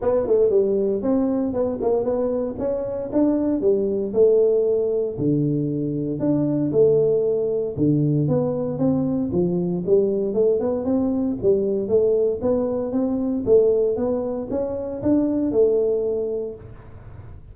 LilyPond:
\new Staff \with { instrumentName = "tuba" } { \time 4/4 \tempo 4 = 116 b8 a8 g4 c'4 b8 ais8 | b4 cis'4 d'4 g4 | a2 d2 | d'4 a2 d4 |
b4 c'4 f4 g4 | a8 b8 c'4 g4 a4 | b4 c'4 a4 b4 | cis'4 d'4 a2 | }